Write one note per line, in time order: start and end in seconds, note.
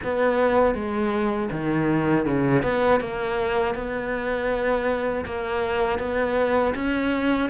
0.03 0.74 B3
0.74 1.49 G#3
1.51 2.25 D#3
2.25 2.62 C#3
2.62 3.00 B3
3.00 3.74 A#3
3.74 5.24 B3
5.25 5.99 A#3
5.99 6.74 B3
6.74 7.49 C#4